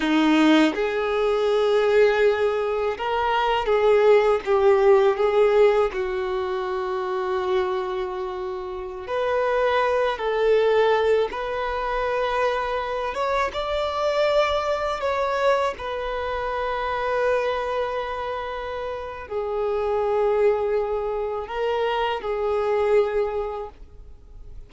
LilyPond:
\new Staff \with { instrumentName = "violin" } { \time 4/4 \tempo 4 = 81 dis'4 gis'2. | ais'4 gis'4 g'4 gis'4 | fis'1~ | fis'16 b'4. a'4. b'8.~ |
b'4.~ b'16 cis''8 d''4.~ d''16~ | d''16 cis''4 b'2~ b'8.~ | b'2 gis'2~ | gis'4 ais'4 gis'2 | }